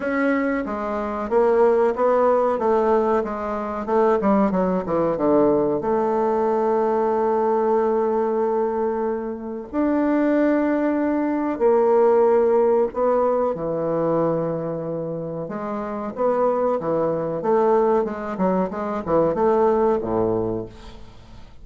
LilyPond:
\new Staff \with { instrumentName = "bassoon" } { \time 4/4 \tempo 4 = 93 cis'4 gis4 ais4 b4 | a4 gis4 a8 g8 fis8 e8 | d4 a2.~ | a2. d'4~ |
d'2 ais2 | b4 e2. | gis4 b4 e4 a4 | gis8 fis8 gis8 e8 a4 a,4 | }